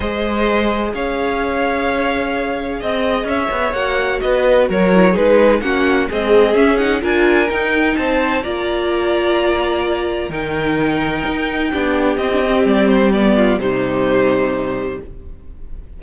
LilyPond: <<
  \new Staff \with { instrumentName = "violin" } { \time 4/4 \tempo 4 = 128 dis''2 f''2~ | f''2 dis''4 e''4 | fis''4 dis''4 cis''4 b'4 | fis''4 dis''4 e''8 fis''8 gis''4 |
g''4 a''4 ais''2~ | ais''2 g''2~ | g''2 dis''4 d''8 c''8 | d''4 c''2. | }
  \new Staff \with { instrumentName = "violin" } { \time 4/4 c''2 cis''2~ | cis''2 dis''4 cis''4~ | cis''4 b'4 ais'4 gis'4 | fis'4 gis'2 ais'4~ |
ais'4 c''4 d''2~ | d''2 ais'2~ | ais'4 g'2.~ | g'8 f'8 dis'2. | }
  \new Staff \with { instrumentName = "viola" } { \time 4/4 gis'1~ | gis'1 | fis'2~ fis'8 e'8 dis'4 | cis'4 gis4 cis'8 dis'8 f'4 |
dis'2 f'2~ | f'2 dis'2~ | dis'4 d'4 c'16 d'16 c'4. | b4 g2. | }
  \new Staff \with { instrumentName = "cello" } { \time 4/4 gis2 cis'2~ | cis'2 c'4 cis'8 b8 | ais4 b4 fis4 gis4 | ais4 c'4 cis'4 d'4 |
dis'4 c'4 ais2~ | ais2 dis2 | dis'4 b4 c'4 g4~ | g4 c2. | }
>>